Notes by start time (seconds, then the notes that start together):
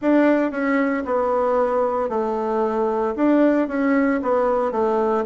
0.01 D4
0.51 C#4
1.05 B3
2.09 A3
3.16 D4
3.68 C#4
4.22 B3
4.71 A3